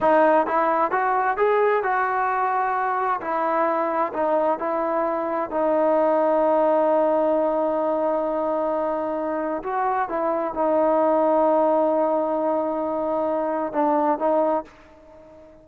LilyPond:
\new Staff \with { instrumentName = "trombone" } { \time 4/4 \tempo 4 = 131 dis'4 e'4 fis'4 gis'4 | fis'2. e'4~ | e'4 dis'4 e'2 | dis'1~ |
dis'1~ | dis'4 fis'4 e'4 dis'4~ | dis'1~ | dis'2 d'4 dis'4 | }